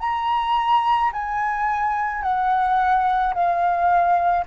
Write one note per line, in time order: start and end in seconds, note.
0.00 1.11 A#5
1.13 2.23 G#5
2.23 3.34 F#5
3.34 4.45 F5